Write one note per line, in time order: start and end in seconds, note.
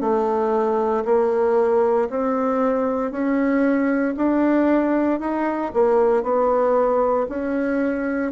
0.00 1.03 A3
1.05 2.08 A#3
2.10 3.11 C4
3.11 4.14 C#4
4.16 5.20 D4
5.20 5.71 D#4
5.74 6.23 A#3
6.23 7.26 B3
7.29 8.31 C#4